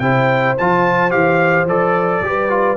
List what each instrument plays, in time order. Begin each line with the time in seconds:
0.00 tuba C3, trombone E4, horn C5, trumpet G5
0.58 tuba F3, trombone F4, trumpet A5
1.11 tuba E3, trombone G4, trumpet F5
1.66 tuba F3, trombone A4, trumpet D5
2.22 tuba G3, trombone G4, horn B4
2.49 trombone F4